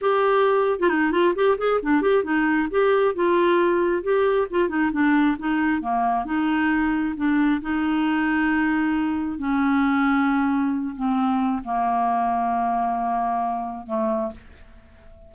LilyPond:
\new Staff \with { instrumentName = "clarinet" } { \time 4/4 \tempo 4 = 134 g'4.~ g'16 f'16 dis'8 f'8 g'8 gis'8 | d'8 g'8 dis'4 g'4 f'4~ | f'4 g'4 f'8 dis'8 d'4 | dis'4 ais4 dis'2 |
d'4 dis'2.~ | dis'4 cis'2.~ | cis'8 c'4. ais2~ | ais2. a4 | }